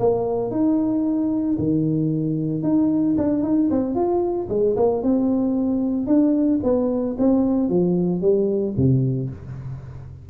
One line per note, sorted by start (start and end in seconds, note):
0.00 0.51 A#3
0.51 1.57 D#4
1.59 2.63 D#3
2.63 3.16 D#4
3.18 3.43 D4
3.43 3.70 D#4
3.71 3.95 C4
3.95 4.48 F4
4.50 4.76 G#3
4.77 5.03 A#3
5.03 6.07 C4
6.07 6.61 D4
6.64 7.17 B3
7.19 7.70 C4
7.70 8.22 F3
8.22 8.75 G3
8.77 9.30 C3